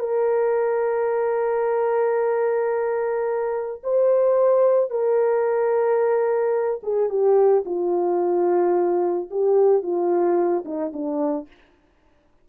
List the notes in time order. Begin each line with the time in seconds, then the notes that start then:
0.00 A#4
3.84 C5
4.91 A#4
6.83 G#4
7.10 G4
7.66 F4
9.31 G4
9.83 F4
10.65 D#4
10.93 D4